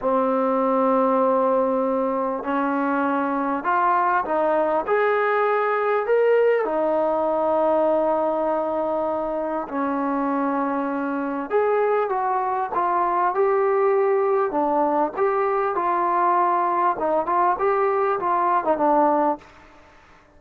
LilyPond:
\new Staff \with { instrumentName = "trombone" } { \time 4/4 \tempo 4 = 99 c'1 | cis'2 f'4 dis'4 | gis'2 ais'4 dis'4~ | dis'1 |
cis'2. gis'4 | fis'4 f'4 g'2 | d'4 g'4 f'2 | dis'8 f'8 g'4 f'8. dis'16 d'4 | }